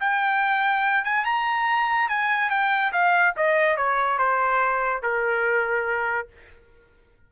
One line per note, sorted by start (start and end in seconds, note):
0.00 1.05 G5
1.05 1.25 G#5
1.25 2.09 A#5
2.09 2.50 G#5
2.50 2.92 G5
2.92 3.34 F5
3.37 3.77 D#5
3.77 4.19 C#5
4.19 5.02 C5
5.02 6.28 A#4